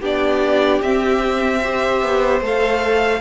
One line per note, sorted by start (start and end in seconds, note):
0.00 0.81 B3
0.00 0.83 D4
0.00 1.60 G4
0.00 0.82 D5
0.81 2.01 C4
0.81 1.62 C4
0.81 2.42 E5
1.61 2.42 G4
1.61 3.21 C5
2.02 2.41 B3
2.41 3.21 A3
2.41 3.21 A4
2.41 3.21 F5